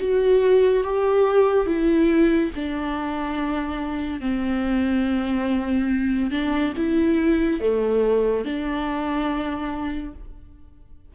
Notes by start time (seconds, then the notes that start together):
0.00 F#4
0.83 G4
1.66 E4
2.55 D4
4.20 C4
6.31 D4
6.77 E4
7.60 A3
8.45 D4